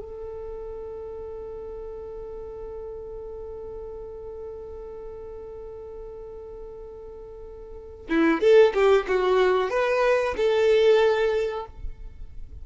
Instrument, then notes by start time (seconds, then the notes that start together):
violin
0.00 A4
8.10 E4
8.41 A4
8.74 G4
9.08 F#4
9.71 B4
10.38 A4